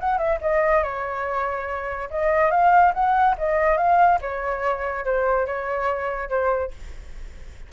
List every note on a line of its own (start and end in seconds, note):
0.00 0.18 F#5
0.18 0.39 E5
0.42 0.84 D#5
0.84 2.09 C#5
2.11 2.51 D#5
2.51 2.93 F5
2.94 3.36 F#5
3.39 3.77 D#5
3.77 4.19 F5
4.21 5.05 C#5
5.05 5.47 C5
5.47 6.30 C#5
6.30 6.72 C5